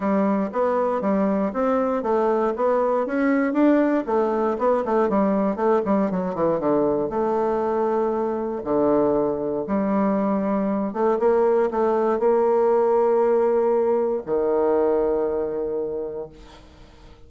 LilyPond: \new Staff \with { instrumentName = "bassoon" } { \time 4/4 \tempo 4 = 118 g4 b4 g4 c'4 | a4 b4 cis'4 d'4 | a4 b8 a8 g4 a8 g8 | fis8 e8 d4 a2~ |
a4 d2 g4~ | g4. a8 ais4 a4 | ais1 | dis1 | }